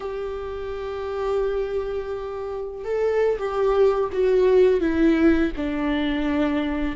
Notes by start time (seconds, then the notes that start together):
0.00 G4
2.84 A4
3.38 G4
4.12 F#4
4.80 E4
5.56 D4